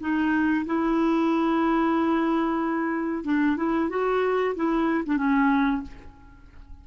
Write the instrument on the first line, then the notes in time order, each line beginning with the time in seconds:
clarinet
0.00 D#4
0.66 E4
3.24 D4
3.56 E4
3.89 F#4
4.55 E4
5.05 D4
5.17 C#4